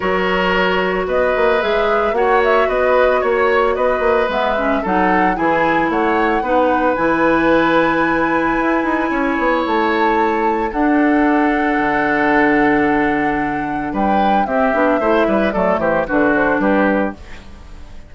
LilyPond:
<<
  \new Staff \with { instrumentName = "flute" } { \time 4/4 \tempo 4 = 112 cis''2 dis''4 e''4 | fis''8 e''8 dis''4 cis''4 dis''4 | e''4 fis''4 gis''4 fis''4~ | fis''4 gis''2.~ |
gis''2 a''2 | fis''1~ | fis''2 g''4 e''4~ | e''4 d''8 c''8 b'8 c''8 b'4 | }
  \new Staff \with { instrumentName = "oboe" } { \time 4/4 ais'2 b'2 | cis''4 b'4 cis''4 b'4~ | b'4 a'4 gis'4 cis''4 | b'1~ |
b'4 cis''2. | a'1~ | a'2 b'4 g'4 | c''8 b'8 a'8 g'8 fis'4 g'4 | }
  \new Staff \with { instrumentName = "clarinet" } { \time 4/4 fis'2. gis'4 | fis'1 | b8 cis'8 dis'4 e'2 | dis'4 e'2.~ |
e'1 | d'1~ | d'2. c'8 d'8 | e'4 a4 d'2 | }
  \new Staff \with { instrumentName = "bassoon" } { \time 4/4 fis2 b8 ais8 gis4 | ais4 b4 ais4 b8 ais8 | gis4 fis4 e4 a4 | b4 e2. |
e'8 dis'8 cis'8 b8 a2 | d'2 d2~ | d2 g4 c'8 b8 | a8 g8 fis8 e8 d4 g4 | }
>>